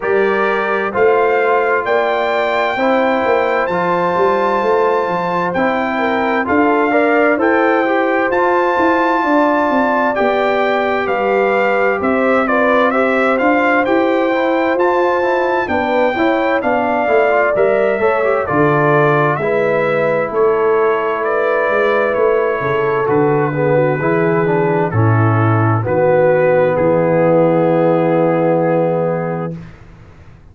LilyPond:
<<
  \new Staff \with { instrumentName = "trumpet" } { \time 4/4 \tempo 4 = 65 d''4 f''4 g''2 | a''2 g''4 f''4 | g''4 a''2 g''4 | f''4 e''8 d''8 e''8 f''8 g''4 |
a''4 g''4 f''4 e''4 | d''4 e''4 cis''4 d''4 | cis''4 b'2 a'4 | b'4 gis'2. | }
  \new Staff \with { instrumentName = "horn" } { \time 4/4 ais'4 c''4 d''4 c''4~ | c''2~ c''8 ais'8 a'8 d''8 | c''2 d''2 | b'4 c''8 b'8 c''2~ |
c''4 b'8 cis''8 d''4. cis''8 | a'4 b'4 a'4 b'4~ | b'8 a'4 gis'16 fis'16 gis'4 e'4 | fis'4 e'2. | }
  \new Staff \with { instrumentName = "trombone" } { \time 4/4 g'4 f'2 e'4 | f'2 e'4 f'8 ais'8 | a'8 g'8 f'2 g'4~ | g'4. f'8 g'8 f'8 g'8 e'8 |
f'8 e'8 d'8 e'8 d'8 e'16 f'16 ais'8 a'16 g'16 | f'4 e'2.~ | e'4 fis'8 b8 e'8 d'8 cis'4 | b1 | }
  \new Staff \with { instrumentName = "tuba" } { \time 4/4 g4 a4 ais4 c'8 ais8 | f8 g8 a8 f8 c'4 d'4 | e'4 f'8 e'8 d'8 c'8 b4 | g4 c'4. d'8 e'4 |
f'4 b8 e'8 b8 a8 g8 a8 | d4 gis4 a4. gis8 | a8 cis8 d4 e4 a,4 | dis4 e2. | }
>>